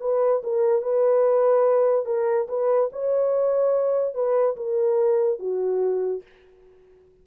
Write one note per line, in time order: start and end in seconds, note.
0.00 0.42 B4
0.44 0.82 A#4
0.82 2.06 B4
2.06 2.47 A#4
2.48 2.90 B4
2.92 4.14 C#5
4.14 4.56 B4
4.56 5.39 A#4
5.39 6.23 F#4